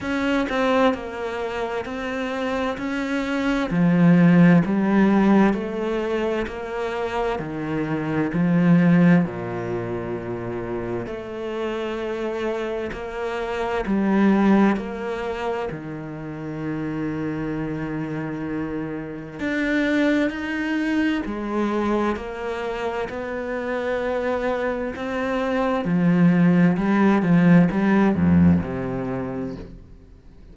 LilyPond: \new Staff \with { instrumentName = "cello" } { \time 4/4 \tempo 4 = 65 cis'8 c'8 ais4 c'4 cis'4 | f4 g4 a4 ais4 | dis4 f4 ais,2 | a2 ais4 g4 |
ais4 dis2.~ | dis4 d'4 dis'4 gis4 | ais4 b2 c'4 | f4 g8 f8 g8 f,8 c4 | }